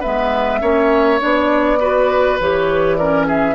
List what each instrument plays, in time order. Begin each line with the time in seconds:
0.00 bassoon G#3, clarinet B3, oboe B4, flute E5
0.61 bassoon A#3, clarinet C#4, oboe C#5
1.19 bassoon B3, clarinet D4, flute D5
1.80 clarinet F#4, oboe B4
2.40 bassoon E3, clarinet G4, flute C#5
2.96 clarinet C#4, oboe A#4, flute D5
3.27 oboe G#4, flute E5